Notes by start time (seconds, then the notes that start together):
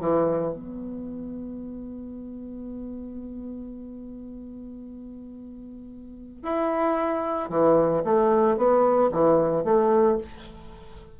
0.00 E3
0.54 B3
6.43 E4
7.50 E3
8.04 A3
8.57 B3
9.12 E3
9.64 A3